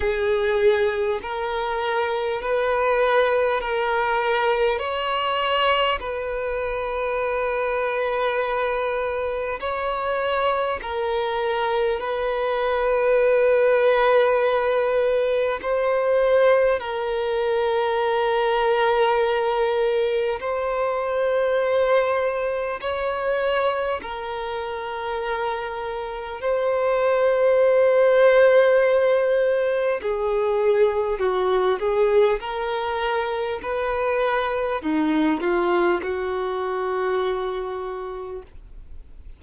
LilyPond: \new Staff \with { instrumentName = "violin" } { \time 4/4 \tempo 4 = 50 gis'4 ais'4 b'4 ais'4 | cis''4 b'2. | cis''4 ais'4 b'2~ | b'4 c''4 ais'2~ |
ais'4 c''2 cis''4 | ais'2 c''2~ | c''4 gis'4 fis'8 gis'8 ais'4 | b'4 dis'8 f'8 fis'2 | }